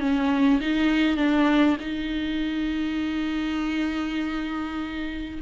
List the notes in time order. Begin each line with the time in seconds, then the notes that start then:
0.00 C#4
0.60 D#4
1.17 D4
1.80 D#4